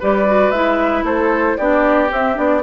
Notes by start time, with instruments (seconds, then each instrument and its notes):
0.00 bassoon G3, clarinet G4, oboe B4, flute D5
0.27 clarinet F#4
0.50 bassoon G#3, clarinet E4, flute E5
1.04 bassoon A3, oboe A4, flute C5
1.57 bassoon B3, clarinet D4, oboe G4, flute D5
2.09 clarinet C4, bassoon C4, flute E5
2.35 bassoon B3, clarinet D4, flute D5